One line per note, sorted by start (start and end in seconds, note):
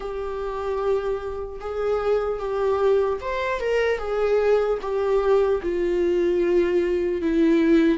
0.00 1.59 G4
1.60 2.39 G#4
2.39 3.19 G4
3.20 3.60 C5
3.60 3.98 A#4
3.98 4.78 G#4
4.81 5.61 G4
5.62 7.21 F4
7.21 7.98 E4